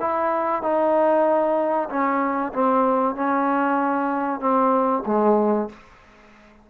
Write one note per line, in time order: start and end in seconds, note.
0.00 0.63 E4
0.63 1.89 D#4
1.89 2.52 C#4
2.53 3.15 C4
3.15 4.40 C#4
4.40 5.03 C4
5.06 5.69 G#3